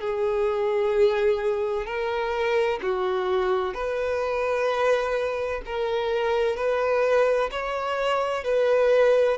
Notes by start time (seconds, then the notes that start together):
0.00 G#4
1.85 A#4
2.82 F#4
3.74 B4
5.65 A#4
6.56 B4
7.51 C#5
8.44 B4